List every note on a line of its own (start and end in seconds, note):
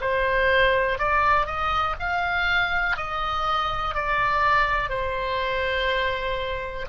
0.00 0.98 C5
0.98 1.46 D5
1.46 1.95 D#5
1.99 2.96 F5
2.96 3.94 D#5
3.94 4.89 D5
4.89 6.85 C5